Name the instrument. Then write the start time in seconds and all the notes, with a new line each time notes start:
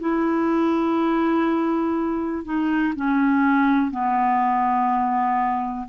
clarinet
0.00 E4
2.45 D#4
2.96 C#4
3.91 B3